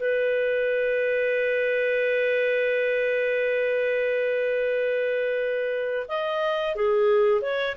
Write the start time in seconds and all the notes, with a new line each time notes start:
0.00 B4
6.08 D#5
6.76 G#4
7.42 C#5